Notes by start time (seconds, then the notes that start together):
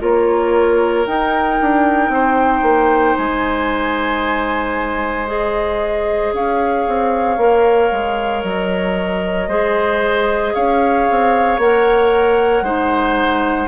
0.00 A#3 F4 A#4 C#5
1.06 D#4 G5
1.61 D4
2.09 C4 C5
2.62 A#3
3.17 G#3 G#5
5.27 G#4 D#5
6.33 C#4 C#5 F5
6.88 C4
7.37 A#3 A#4
7.92 G#3
8.44 F#3 D#5
9.48 G#3 G#4 C5
10.54 C#4 C#5 F5
11.11 C4
11.58 A#3 A#4 F#5
12.62 G#3 D#4 C5